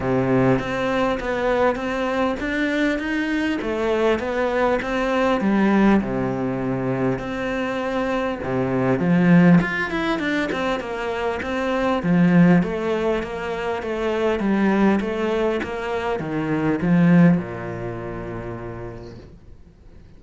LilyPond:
\new Staff \with { instrumentName = "cello" } { \time 4/4 \tempo 4 = 100 c4 c'4 b4 c'4 | d'4 dis'4 a4 b4 | c'4 g4 c2 | c'2 c4 f4 |
f'8 e'8 d'8 c'8 ais4 c'4 | f4 a4 ais4 a4 | g4 a4 ais4 dis4 | f4 ais,2. | }